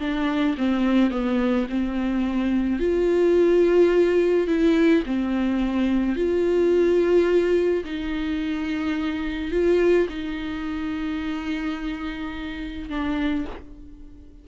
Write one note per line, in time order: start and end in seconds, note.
0.00 0.56 D4
0.58 1.11 C4
1.11 1.67 B3
1.70 2.80 C4
2.80 4.48 F4
4.48 5.04 E4
5.06 6.16 C4
6.16 7.84 F4
7.85 9.52 D#4
9.52 10.08 F4
10.09 12.90 D#4
12.90 13.46 D4